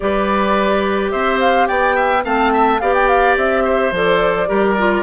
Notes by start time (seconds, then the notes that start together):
0.00 G3 G4 B4 D5
1.11 C4 C5 E5
1.39 F5
1.67 B3 D5 G5
1.95 E5
2.23 A3 C4 F5 A5
2.52 E5
2.79 B3 G4 D5 F5
2.94 G5
3.08 F5
3.36 C4 E5
3.64 C5
3.91 F3 A4 D5
4.47 G3 G4 A#4
4.77 F4